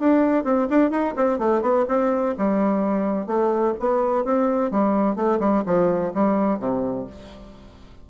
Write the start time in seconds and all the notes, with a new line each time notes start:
0.00 D4
0.45 C4
0.70 D4
0.91 D#4
1.17 C4
1.39 A3
1.62 B3
1.89 C4
2.38 G3
3.27 A3
3.80 B3
4.25 C4
4.71 G3
5.16 A3
5.40 G3
5.66 F3
6.15 G3
6.60 C3